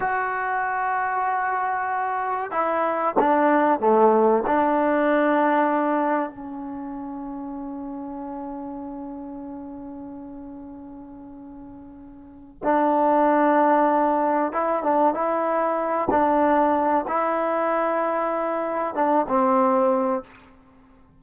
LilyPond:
\new Staff \with { instrumentName = "trombone" } { \time 4/4 \tempo 4 = 95 fis'1 | e'4 d'4 a4 d'4~ | d'2 cis'2~ | cis'1~ |
cis'1 | d'2. e'8 d'8 | e'4. d'4. e'4~ | e'2 d'8 c'4. | }